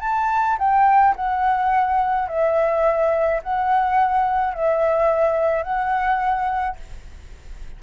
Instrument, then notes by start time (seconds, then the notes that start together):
flute
0.00 A5
0.58 G5
1.16 F#5
2.28 E5
3.43 F#5
4.54 E5
5.63 F#5